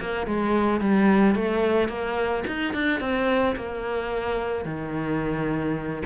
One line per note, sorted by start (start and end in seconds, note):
0.00 0.27 A#3
0.27 0.81 G#3
0.81 1.35 G3
1.35 1.89 A3
1.89 2.44 A#3
2.47 2.74 D#4
2.74 3.01 D4
3.01 3.56 C4
3.56 4.65 A#3
4.65 6.03 D#3